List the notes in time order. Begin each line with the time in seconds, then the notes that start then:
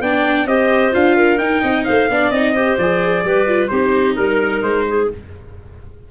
0.00 B3 D4 D5 G5
0.46 C4 G4 C5 D#5
0.91 D4 F4 F5
1.16 A#4
1.38 D#4 G5
1.61 C4 D#5
1.84 A3 C5 F5
2.08 B3 D4 D5
2.31 C4 D#4 D#5
2.53 G4 C5
2.78 F3 G#4 D5
3.24 G3 G4 B4
3.47 F4
3.67 C4 D#4 G4 C5
4.15 G3 A#4
4.62 G#3 C5
4.88 G#4